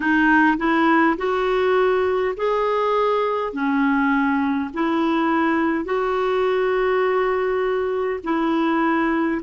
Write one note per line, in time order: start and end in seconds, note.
0.00 0.57 D#4
0.57 1.16 E4
1.17 2.35 F#4
2.36 3.52 G#4
3.52 4.70 C#4
4.73 5.84 E4
5.84 8.20 F#4
8.24 9.41 E4